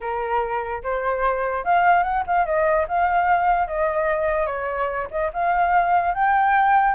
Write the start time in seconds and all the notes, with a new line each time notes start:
0.00 A#4
0.83 C5
1.64 F5
2.03 F#5
2.26 F5
2.45 D#5
2.88 F5
3.67 D#5
4.46 C#5
5.10 D#5
5.33 F5
6.14 G5